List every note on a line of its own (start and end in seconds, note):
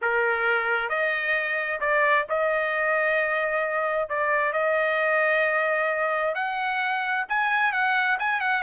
0.01 0.89 A#4
0.89 1.80 D#5
1.80 2.25 D5
2.29 4.09 D#5
4.09 4.52 D5
4.52 6.34 D#5
6.34 7.25 F#5
7.28 7.72 G#5
7.72 8.17 F#5
8.19 8.40 G#5
8.40 8.62 F#5